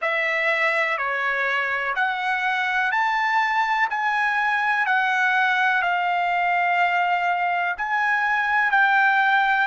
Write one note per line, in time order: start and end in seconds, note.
0.01 0.97 E5
0.97 1.94 C#5
1.95 2.91 F#5
2.91 3.88 A5
3.89 4.86 G#5
4.86 5.82 F#5
5.82 7.75 F5
7.77 8.71 G#5
8.71 9.67 G5